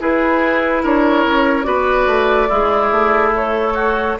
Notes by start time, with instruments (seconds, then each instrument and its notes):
0.00 clarinet E4, bassoon E4, oboe G#4, flute B4
0.82 bassoon D4, oboe A#4, flute C#5
1.26 bassoon C#4
1.63 bassoon B3, clarinet F#4, oboe B4, flute D5
2.07 bassoon A3
2.48 bassoon G#3, oboe E4, clarinet G#4
2.91 bassoon A3
3.35 clarinet A4, flute C#5
3.74 oboe F#4